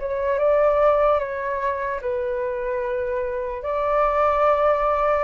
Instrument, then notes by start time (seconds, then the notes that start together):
flute
0.00 C#5
0.39 D5
1.20 C#5
2.02 B4
3.63 D5